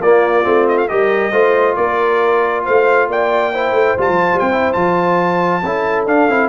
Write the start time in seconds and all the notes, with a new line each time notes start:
0.00 A#3 F4 D5
0.43 A3 C4
0.68 D#5
0.77 F5
0.88 G3 G4 A#4 D#5
1.32 A3 F4 C5
1.76 A#3 A#4 D5
2.64 A3 C5 F5
3.08 A#3 D5 G5
3.53 E4 C5
3.72 A3
3.97 G3 F4 A5
4.09 F3
4.34 G3 G5
4.41 C4
4.52 E4
4.73 F3 F4 A5
5.63 C#4 E4 A4
6.06 D4 F5
6.28 C4 E4